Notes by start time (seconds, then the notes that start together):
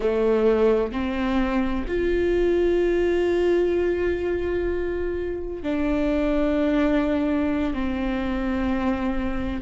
0.00 A3
0.92 C4
1.87 F4
5.62 D4
7.73 C4